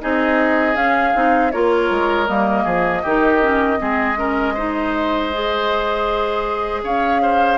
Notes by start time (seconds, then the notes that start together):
0.00 C4 D#4 G#4 D#5
0.75 C#4 F5
1.14 C4 D#4
1.51 A#3 F4 A#4 C#5
1.90 G#3
2.27 G3 A#3 D#5
2.64 F3 G#4
3.02 D#3 D#4 G4
3.41 C#4
3.77 G#3 C4 G#4
4.17 C#4 A#4
4.54 D#4 C5
5.33 G#4
6.83 C#4 C#5 F5
7.22 C5